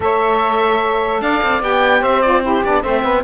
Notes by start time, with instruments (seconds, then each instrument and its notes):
0.00 cello A3, saxophone A4 C#5, oboe E5
1.21 cello D4, saxophone D5, oboe F5
1.42 cello C4
1.61 cello B3, saxophone G4, oboe G5
2.00 cello C4, saxophone C5, oboe E5
2.21 saxophone F4, oboe D5
2.42 saxophone E4 G4, oboe C5
2.63 cello B3, saxophone D4, oboe D5
2.82 cello A3, saxophone C4 C5, oboe E5
3.03 cello B3, saxophone B4